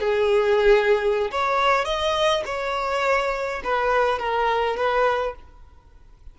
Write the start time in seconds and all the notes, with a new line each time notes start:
0.00 G#4
1.32 C#5
1.85 D#5
2.46 C#5
3.64 B4
4.19 A#4
4.77 B4